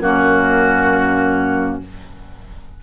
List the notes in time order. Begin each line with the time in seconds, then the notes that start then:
0.00 F#2 A#3 C#4 F#4